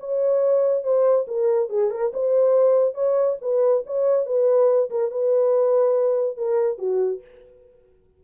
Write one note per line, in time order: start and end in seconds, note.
0.00 0.84 C#5
0.84 1.26 C5
1.28 1.70 A#4
1.70 1.91 G#4
1.91 2.12 A#4
2.14 2.95 C5
2.95 3.37 C#5
3.42 3.84 B4
3.86 4.26 C#5
4.26 4.90 B4
4.91 5.11 A#4
5.11 6.38 B4
6.38 6.79 A#4
6.79 7.21 F#4